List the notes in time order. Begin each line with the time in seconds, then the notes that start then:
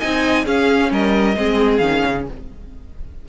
0.00 C4 D#4 D#5 G#5
0.45 C#4 G#4 F5
0.92 G3 A#4 D#5
1.37 G#3 C4 G#4
1.78 D#3 C#4 F5
2.06 C#3